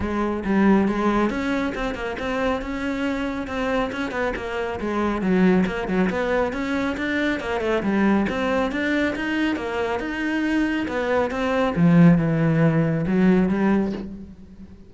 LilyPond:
\new Staff \with { instrumentName = "cello" } { \time 4/4 \tempo 4 = 138 gis4 g4 gis4 cis'4 | c'8 ais8 c'4 cis'2 | c'4 cis'8 b8 ais4 gis4 | fis4 ais8 fis8 b4 cis'4 |
d'4 ais8 a8 g4 c'4 | d'4 dis'4 ais4 dis'4~ | dis'4 b4 c'4 f4 | e2 fis4 g4 | }